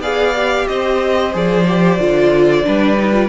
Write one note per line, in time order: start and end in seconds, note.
0.00 0.66 B3
0.00 0.36 G#4
0.00 0.67 D5
0.00 0.68 F5
0.36 1.34 G4
0.68 1.35 C4
0.68 2.66 C5
0.68 1.34 D#5
1.34 1.99 F3
1.34 1.66 G#4
1.34 3.30 D5
1.68 1.99 G4
1.99 2.65 D3
1.99 2.64 F4
2.64 3.30 G3
2.64 2.97 D4
2.64 3.30 B4
2.98 3.13 D#4
3.13 3.29 F4